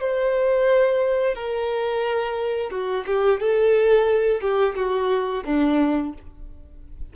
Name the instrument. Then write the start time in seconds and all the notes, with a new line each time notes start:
violin
0.00 C5
1.35 A#4
2.70 F#4
3.06 G4
3.40 A4
4.41 G4
4.75 F#4
5.45 D4